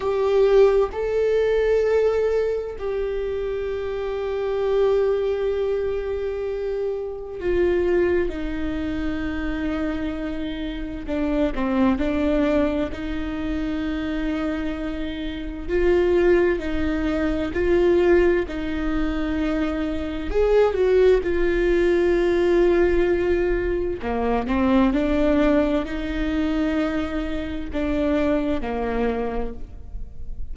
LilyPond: \new Staff \with { instrumentName = "viola" } { \time 4/4 \tempo 4 = 65 g'4 a'2 g'4~ | g'1 | f'4 dis'2. | d'8 c'8 d'4 dis'2~ |
dis'4 f'4 dis'4 f'4 | dis'2 gis'8 fis'8 f'4~ | f'2 ais8 c'8 d'4 | dis'2 d'4 ais4 | }